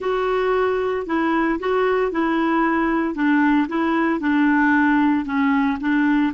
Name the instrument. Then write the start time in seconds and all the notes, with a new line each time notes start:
clarinet
0.00 F#4
1.06 E4
1.59 F#4
2.11 E4
3.14 D4
3.68 E4
4.20 D4
5.25 C#4
5.80 D4